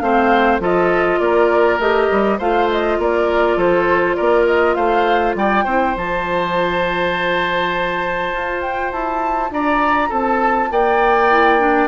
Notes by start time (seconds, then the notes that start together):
0.00 A3 C4 C5 F5
0.60 F3 F4 A4 D#5
1.20 A#3 A#4 D5
1.79 A3 G4 D#5
2.12 G3
2.39 A3 F4 C5 F5
2.72 D#5
2.99 A#3 A#4 D5
3.57 F3 A4 C5
4.16 A#3 A#4 D5
4.47 D#5
4.75 A3 C5 F5
5.35 G3 D5 G5
5.65 C4 E4 C5
5.96 F3 F4 A5
8.33 F4
8.62 G5
8.92 E4 A5
9.51 D4 D5 A#5
10.10 C4 A4 A5
10.71 A#3 D5 G5
11.31 E4
11.59 D4